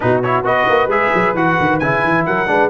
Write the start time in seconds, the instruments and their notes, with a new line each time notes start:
0.00 tuba B2, trombone D#4, horn F#4, trumpet B4
0.22 trombone E4, trumpet C#5
0.44 tuba B3, trombone F#4, horn B4, trumpet D#5
0.69 tuba A#3
0.87 tuba G#3, trombone G#4, trumpet E5
1.13 tuba F#3
1.34 tuba E3, trombone F#4, trumpet F#5
1.59 tuba D#3
1.79 tuba C#3, trombone E4, trumpet G#5
2.03 tuba E3
2.25 tuba F#3, horn A#4, trumpet F#5
2.47 tuba G#3, trombone D4, horn B4